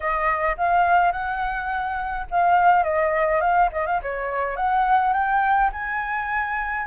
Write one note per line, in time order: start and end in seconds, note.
0.00 0.56 D#5
0.57 1.12 F5
1.12 2.26 F#5
2.30 2.83 F5
2.83 3.40 D#5
3.41 3.69 F5
3.72 3.86 D#5
3.86 4.01 F5
4.02 4.56 C#5
4.56 5.13 F#5
5.13 5.70 G5
5.72 6.86 G#5